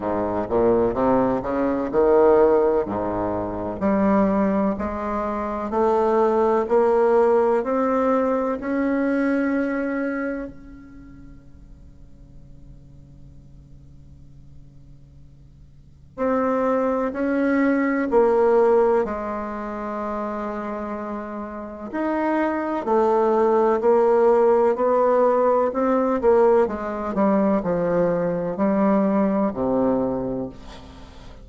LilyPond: \new Staff \with { instrumentName = "bassoon" } { \time 4/4 \tempo 4 = 63 gis,8 ais,8 c8 cis8 dis4 gis,4 | g4 gis4 a4 ais4 | c'4 cis'2 cis4~ | cis1~ |
cis4 c'4 cis'4 ais4 | gis2. dis'4 | a4 ais4 b4 c'8 ais8 | gis8 g8 f4 g4 c4 | }